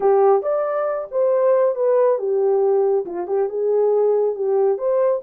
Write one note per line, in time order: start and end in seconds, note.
0.00 0.42 G4
0.42 1.07 D5
1.11 1.75 C5
1.75 2.18 B4
2.18 3.05 G4
3.05 3.27 F4
3.27 3.49 G4
3.49 4.35 G#4
4.35 4.78 G4
4.78 5.21 C5